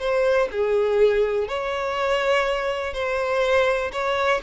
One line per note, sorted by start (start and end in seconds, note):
0.00 0.49 C5
0.52 1.49 G#4
1.49 2.94 C#5
2.94 3.92 C5
3.93 4.41 C#5